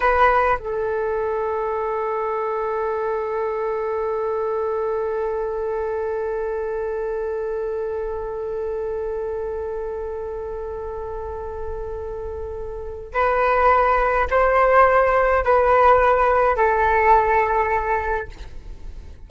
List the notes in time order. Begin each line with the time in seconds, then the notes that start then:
0.00 B4
0.58 A4
13.13 B4
14.30 C5
15.44 B4
16.56 A4